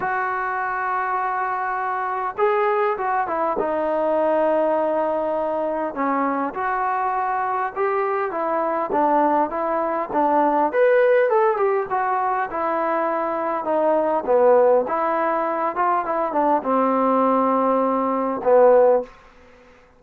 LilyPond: \new Staff \with { instrumentName = "trombone" } { \time 4/4 \tempo 4 = 101 fis'1 | gis'4 fis'8 e'8 dis'2~ | dis'2 cis'4 fis'4~ | fis'4 g'4 e'4 d'4 |
e'4 d'4 b'4 a'8 g'8 | fis'4 e'2 dis'4 | b4 e'4. f'8 e'8 d'8 | c'2. b4 | }